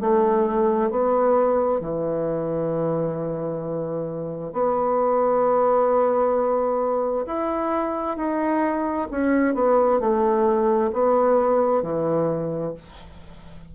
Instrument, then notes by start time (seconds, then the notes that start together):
bassoon
0.00 A3
0.90 B3
1.80 E3
4.52 B3
7.26 E4
8.17 D#4
9.11 C#4
9.54 B3
10.00 A3
10.93 B3
11.82 E3